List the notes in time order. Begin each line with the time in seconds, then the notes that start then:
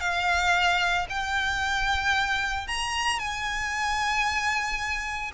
0.00 F5
1.09 G5
2.67 A#5
3.19 G#5